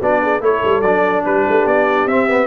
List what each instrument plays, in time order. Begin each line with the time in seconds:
0.00 tuba B3, trombone D4, horn F#4, trumpet D5
0.23 horn G#4
0.41 tuba A3, trombone E4, horn A4, trumpet C#5
0.64 tuba G3
0.82 tuba F#3, trombone D4, trumpet D5
1.25 tuba G3, horn G4, trumpet B4
1.48 tuba A3
1.65 tuba B3, trumpet D5
2.06 tuba C4, trombone C4, trumpet E5
2.28 trombone B3